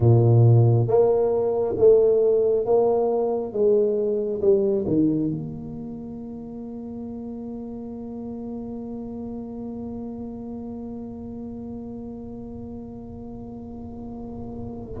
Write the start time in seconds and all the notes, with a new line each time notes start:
0.00 A#2
0.87 A#3
1.77 A3
2.65 A#3
3.52 G#3
4.41 G3
4.87 D#3
5.31 A#3